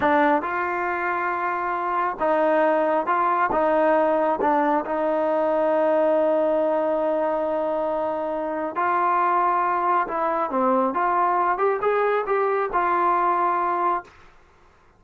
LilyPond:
\new Staff \with { instrumentName = "trombone" } { \time 4/4 \tempo 4 = 137 d'4 f'2.~ | f'4 dis'2 f'4 | dis'2 d'4 dis'4~ | dis'1~ |
dis'1 | f'2. e'4 | c'4 f'4. g'8 gis'4 | g'4 f'2. | }